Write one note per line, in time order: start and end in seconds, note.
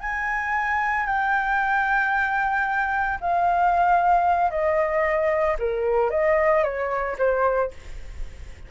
0.00 1.06 G#5
1.06 3.18 G5
3.21 4.50 F5
4.50 5.57 D#5
5.59 6.10 A#4
6.10 6.63 D#5
6.63 7.16 C#5
7.18 7.71 C5